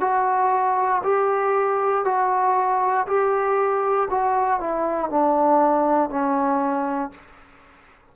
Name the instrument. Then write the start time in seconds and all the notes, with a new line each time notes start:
trombone
0.00 F#4
1.04 G4
2.05 F#4
3.07 G4
4.10 F#4
4.60 E4
5.10 D4
6.10 C#4